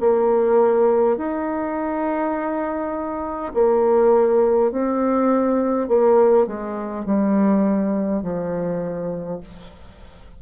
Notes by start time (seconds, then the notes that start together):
0.00 A#3
1.18 D#4
3.54 A#3
4.72 C4
5.88 A#3
6.47 G#3
7.05 G3
8.22 F3